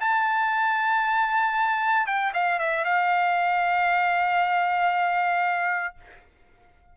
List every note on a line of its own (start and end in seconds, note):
0.00 2.06 A5
2.06 2.32 G5
2.34 2.59 F5
2.59 2.85 E5
2.85 5.95 F5